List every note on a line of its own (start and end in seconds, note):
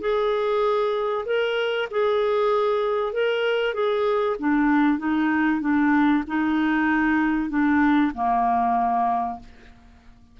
0.00 1.25 G#4
1.26 1.88 A#4
1.90 3.12 G#4
3.12 3.74 A#4
3.74 4.36 G#4
4.39 4.98 D4
4.98 5.61 D#4
5.61 6.23 D4
6.27 7.49 D#4
7.49 8.12 D4
8.14 9.39 A#3